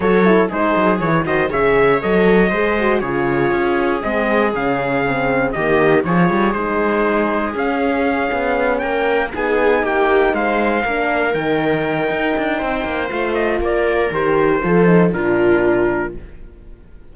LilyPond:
<<
  \new Staff \with { instrumentName = "trumpet" } { \time 4/4 \tempo 4 = 119 cis''4 c''4 cis''8 dis''8 e''4 | dis''2 cis''2 | dis''4 f''2 dis''4 | cis''4 c''2 f''4~ |
f''4. g''4 gis''4 g''8~ | g''8 f''2 g''4.~ | g''2 f''8 dis''8 d''4 | c''2 ais'2 | }
  \new Staff \with { instrumentName = "viola" } { \time 4/4 a'4 gis'4. c''8 cis''4~ | cis''4 c''4 gis'2~ | gis'2. g'4 | gis'1~ |
gis'4. ais'4 gis'4 g'8~ | g'8 c''4 ais'2~ ais'8~ | ais'4 c''2 ais'4~ | ais'4 a'4 f'2 | }
  \new Staff \with { instrumentName = "horn" } { \time 4/4 fis'8 e'8 dis'4 e'8 fis'8 gis'4 | a'4 gis'8 fis'8 f'2 | c'4 cis'4 c'4 ais4 | f'4 dis'2 cis'4~ |
cis'2~ cis'8 dis'4.~ | dis'4. d'4 dis'4.~ | dis'2 f'2 | g'4 f'8 dis'8 d'2 | }
  \new Staff \with { instrumentName = "cello" } { \time 4/4 fis4 gis8 fis8 e8 dis8 cis4 | fis4 gis4 cis4 cis'4 | gis4 cis2 dis4 | f8 g8 gis2 cis'4~ |
cis'8 b4 ais4 b4 ais8~ | ais8 gis4 ais4 dis4. | dis'8 d'8 c'8 ais8 a4 ais4 | dis4 f4 ais,2 | }
>>